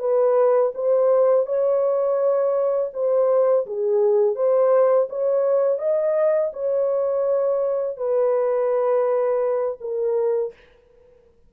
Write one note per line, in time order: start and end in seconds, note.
0.00 0.72 B4
0.75 1.47 C5
1.47 2.91 C#5
2.94 3.66 C5
3.67 4.36 G#4
4.36 5.08 C5
5.10 5.79 C#5
5.79 6.51 D#5
6.54 7.97 C#5
7.97 9.78 B4
9.81 10.53 A#4